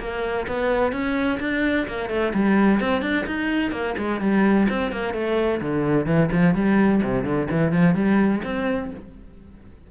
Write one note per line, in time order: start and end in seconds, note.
0.00 0.47 A#3
0.48 0.92 B3
0.92 1.39 C#4
1.40 1.87 D4
1.88 2.10 A#3
2.10 2.33 A3
2.34 2.80 G3
2.80 3.02 C4
3.02 3.26 D4
3.27 3.72 D#4
3.72 3.95 A#3
3.98 4.21 G#3
4.21 4.68 G3
4.70 4.92 C4
4.92 5.14 A#3
5.14 5.61 A3
5.61 6.06 D3
6.06 6.30 E3
6.33 6.55 F3
6.55 7.02 G3
7.04 7.25 C3
7.25 7.48 D3
7.51 7.72 E3
7.72 7.95 F3
7.95 8.42 G3
8.44 8.91 C4